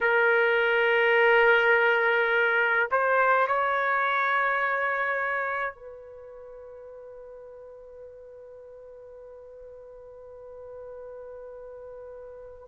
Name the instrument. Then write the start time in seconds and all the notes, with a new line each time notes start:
trumpet
0.01 A#4
2.91 C5
3.47 C#5
5.75 B4